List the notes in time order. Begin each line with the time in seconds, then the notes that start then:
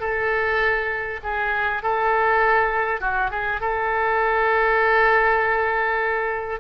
0.00 A4
1.23 G#4
1.82 A4
3.01 F#4
3.30 G#4
3.61 A4